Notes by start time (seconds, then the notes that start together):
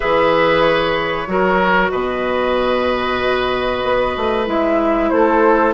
0.00 E3 G#4 B4 E5
0.61 C#5
1.27 F#3 F#4 A#4
1.91 B2 B4 D#5
3.83 B3
4.16 A3
4.46 G#3 E4 E5
5.09 A3 A4 C5